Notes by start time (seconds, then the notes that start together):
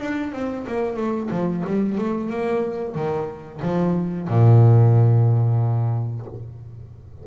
0.00 D4
0.33 C4
0.68 A#3
0.97 A3
1.31 F3
1.67 G3
1.98 A3
2.30 A#3
2.95 D#3
3.62 F3
4.28 A#2